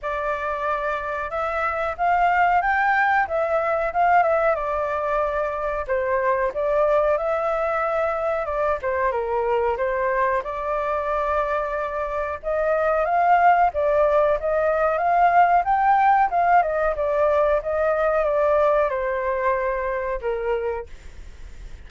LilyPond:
\new Staff \with { instrumentName = "flute" } { \time 4/4 \tempo 4 = 92 d''2 e''4 f''4 | g''4 e''4 f''8 e''8 d''4~ | d''4 c''4 d''4 e''4~ | e''4 d''8 c''8 ais'4 c''4 |
d''2. dis''4 | f''4 d''4 dis''4 f''4 | g''4 f''8 dis''8 d''4 dis''4 | d''4 c''2 ais'4 | }